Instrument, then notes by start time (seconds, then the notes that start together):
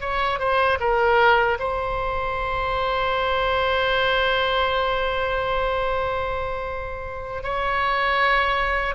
oboe
0.00 C#5
0.39 C5
0.80 A#4
1.59 C5
7.43 C#5